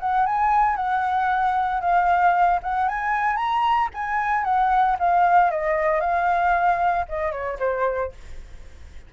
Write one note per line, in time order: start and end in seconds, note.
0.00 0.26 F#5
0.26 0.76 G#5
0.76 1.81 F#5
1.81 2.60 F5
2.63 2.88 F#5
2.88 3.36 G#5
3.36 3.89 A#5
3.94 4.44 G#5
4.44 4.97 F#5
4.99 5.50 F5
5.50 6.00 D#5
6.00 7.05 F5
7.09 7.32 D#5
7.32 7.58 C#5
7.59 8.12 C5